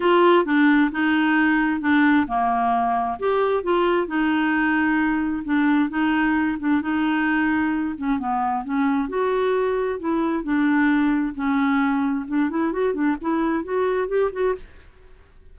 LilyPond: \new Staff \with { instrumentName = "clarinet" } { \time 4/4 \tempo 4 = 132 f'4 d'4 dis'2 | d'4 ais2 g'4 | f'4 dis'2. | d'4 dis'4. d'8 dis'4~ |
dis'4. cis'8 b4 cis'4 | fis'2 e'4 d'4~ | d'4 cis'2 d'8 e'8 | fis'8 d'8 e'4 fis'4 g'8 fis'8 | }